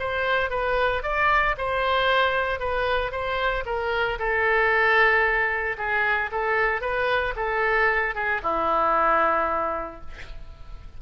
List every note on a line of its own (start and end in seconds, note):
0.00 0.50 C5
0.50 1.03 B4
1.03 1.56 D5
1.58 2.60 C5
2.60 3.12 B4
3.12 3.64 C5
3.66 4.18 A#4
4.19 5.77 A4
5.78 6.31 G#4
6.32 6.81 A4
6.81 7.34 B4
7.36 8.15 A4
8.15 8.41 G#4
8.43 10.01 E4